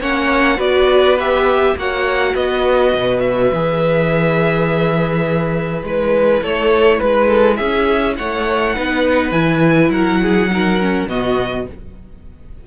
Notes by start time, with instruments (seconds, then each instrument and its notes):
0.00 cello A#3, viola C#4, violin C#5 F#5
0.57 cello B3, viola F#4, violin B4 D5
1.18 viola G4, violin E5
1.75 cello A#3, viola F#4, violin C#5 F#5
2.34 cello B3, violin B4 D#5
2.93 cello B2
3.19 violin E5
3.52 cello E3, viola G#4
5.83 cello G#3, viola E4, violin B4
6.41 cello A3, violin A4 C#5
6.98 cello G#3, violin B4
7.27 violin A4
7.56 cello C#4, violin G#4 E5
8.17 cello A3, violin C#5 F#5
8.75 cello B3, viola D#4, violin B4
9.31 cello E3, viola E4, violin G#5
9.89 cello F#3, violin A#4 F#5
10.21 violin G#4
10.50 viola D#4, violin A#4
10.79 viola C#4
11.07 cello B2, viola B3, violin F#4 D#5